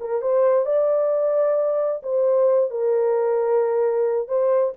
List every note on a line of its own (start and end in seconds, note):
0.00 0.21 A#4
0.21 0.65 C5
0.65 2.02 D5
2.02 2.70 C5
2.70 4.27 A#4
4.27 4.73 C5